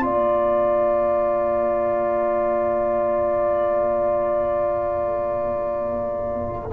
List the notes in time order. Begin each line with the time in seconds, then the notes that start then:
0.00 F4 D5
0.06 A#3 A#5